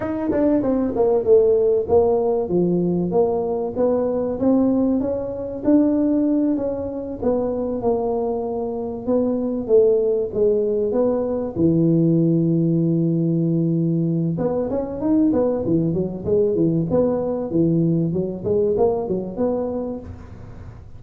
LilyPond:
\new Staff \with { instrumentName = "tuba" } { \time 4/4 \tempo 4 = 96 dis'8 d'8 c'8 ais8 a4 ais4 | f4 ais4 b4 c'4 | cis'4 d'4. cis'4 b8~ | b8 ais2 b4 a8~ |
a8 gis4 b4 e4.~ | e2. b8 cis'8 | dis'8 b8 e8 fis8 gis8 e8 b4 | e4 fis8 gis8 ais8 fis8 b4 | }